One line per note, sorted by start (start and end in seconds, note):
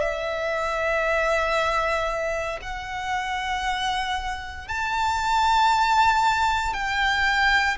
0.00 2.59 E5
2.61 4.67 F#5
4.67 6.73 A5
6.73 7.77 G5